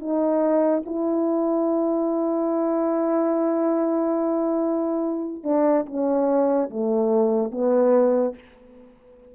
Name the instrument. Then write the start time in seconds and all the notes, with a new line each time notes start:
horn
0.00 D#4
0.86 E4
5.44 D4
5.87 C#4
6.70 A3
7.52 B3